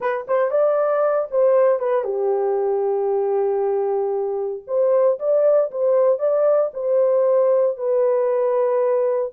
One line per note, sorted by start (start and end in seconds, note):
0.00 0.26 B4
0.27 0.50 C5
0.50 1.28 D5
1.30 1.79 C5
1.79 2.04 B4
2.04 4.62 G4
4.67 5.18 C5
5.19 5.70 D5
5.71 6.19 C5
6.19 6.70 D5
6.73 7.77 C5
7.77 9.32 B4